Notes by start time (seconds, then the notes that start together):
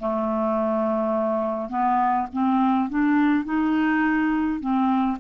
0.00 A3
1.70 B3
2.33 C4
2.90 D4
3.45 D#4
4.61 C4